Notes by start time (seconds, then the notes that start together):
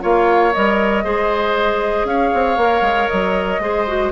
0.00 A#3 F4 C#5 F5
0.53 G3 A#4 D#5
1.04 G#3 G#4 C5
2.04 C#4 C#5 F5
2.34 C4
2.57 A#3 A#4
2.81 G#3
3.08 F#3 D#5
3.59 G#3 G#4 C5
3.87 F#4